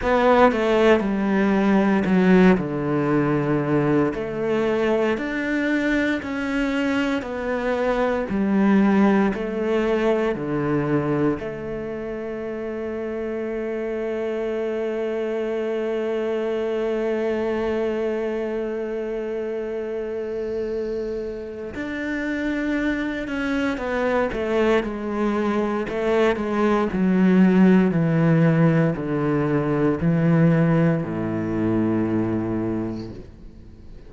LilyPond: \new Staff \with { instrumentName = "cello" } { \time 4/4 \tempo 4 = 58 b8 a8 g4 fis8 d4. | a4 d'4 cis'4 b4 | g4 a4 d4 a4~ | a1~ |
a1~ | a4 d'4. cis'8 b8 a8 | gis4 a8 gis8 fis4 e4 | d4 e4 a,2 | }